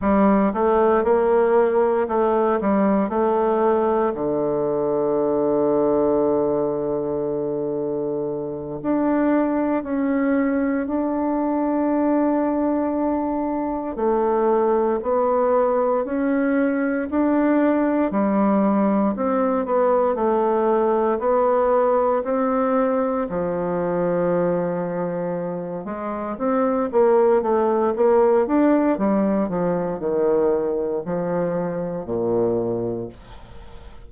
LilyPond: \new Staff \with { instrumentName = "bassoon" } { \time 4/4 \tempo 4 = 58 g8 a8 ais4 a8 g8 a4 | d1~ | d8 d'4 cis'4 d'4.~ | d'4. a4 b4 cis'8~ |
cis'8 d'4 g4 c'8 b8 a8~ | a8 b4 c'4 f4.~ | f4 gis8 c'8 ais8 a8 ais8 d'8 | g8 f8 dis4 f4 ais,4 | }